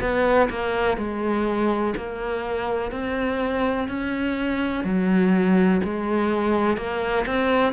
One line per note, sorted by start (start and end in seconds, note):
0.00 0.48 B3
0.49 0.97 A#3
0.97 1.94 G#3
1.96 2.91 A#3
2.91 3.88 C4
3.88 4.84 C#4
4.84 5.81 F#3
5.83 6.77 G#3
6.77 7.25 A#3
7.26 7.72 C4